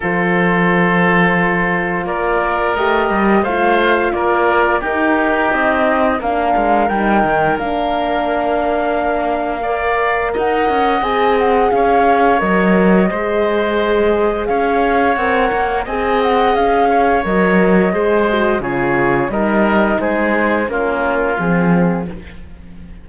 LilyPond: <<
  \new Staff \with { instrumentName = "flute" } { \time 4/4 \tempo 4 = 87 c''2. d''4 | dis''4 f''4 d''4 ais'4 | dis''4 f''4 g''4 f''4~ | f''2. fis''4 |
gis''8 fis''8 f''4 dis''2~ | dis''4 f''4 fis''4 gis''8 fis''8 | f''4 dis''2 cis''4 | dis''4 c''4 ais'4 gis'4 | }
  \new Staff \with { instrumentName = "oboe" } { \time 4/4 a'2. ais'4~ | ais'4 c''4 ais'4 g'4~ | g'4 ais'2.~ | ais'2 d''4 dis''4~ |
dis''4 cis''2 c''4~ | c''4 cis''2 dis''4~ | dis''8 cis''4. c''4 gis'4 | ais'4 gis'4 f'2 | }
  \new Staff \with { instrumentName = "horn" } { \time 4/4 f'1 | g'4 f'2 dis'4~ | dis'4 d'4 dis'4 d'4~ | d'2 ais'2 |
gis'2 ais'4 gis'4~ | gis'2 ais'4 gis'4~ | gis'4 ais'4 gis'8 fis'8 f'4 | dis'2 cis'4 c'4 | }
  \new Staff \with { instrumentName = "cello" } { \time 4/4 f2. ais4 | a8 g8 a4 ais4 dis'4 | c'4 ais8 gis8 g8 dis8 ais4~ | ais2. dis'8 cis'8 |
c'4 cis'4 fis4 gis4~ | gis4 cis'4 c'8 ais8 c'4 | cis'4 fis4 gis4 cis4 | g4 gis4 ais4 f4 | }
>>